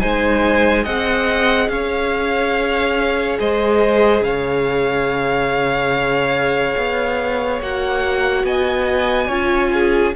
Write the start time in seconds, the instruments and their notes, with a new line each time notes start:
0.00 cello G#3, viola D#4, violin C5 G#5
0.83 cello C4, viola G#4, violin D#5 F#5
1.69 cello C#4, violin C#5 F5
3.40 cello G#3, violin C5 D#5
4.21 cello C#3, violin C#5 F5
6.77 cello B3
7.61 cello A#3, viola F#4, violin F#5
8.44 cello B3, violin D#5 G#5
9.27 cello C#4, viola F4, violin C#5
9.74 violin G#4